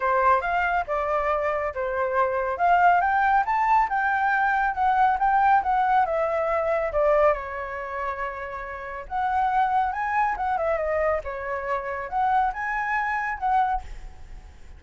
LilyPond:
\new Staff \with { instrumentName = "flute" } { \time 4/4 \tempo 4 = 139 c''4 f''4 d''2 | c''2 f''4 g''4 | a''4 g''2 fis''4 | g''4 fis''4 e''2 |
d''4 cis''2.~ | cis''4 fis''2 gis''4 | fis''8 e''8 dis''4 cis''2 | fis''4 gis''2 fis''4 | }